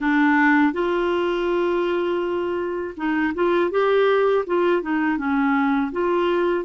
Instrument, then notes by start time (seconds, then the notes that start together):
clarinet
0.00 D4
0.72 F4
2.96 D#4
3.34 F4
3.70 G4
4.46 F4
4.81 D#4
5.17 C#4
5.92 F4